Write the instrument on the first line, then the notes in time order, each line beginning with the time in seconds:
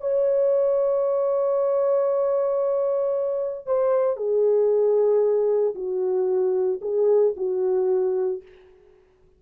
horn
0.00 C#5
3.66 C5
4.16 G#4
5.75 F#4
6.81 G#4
7.36 F#4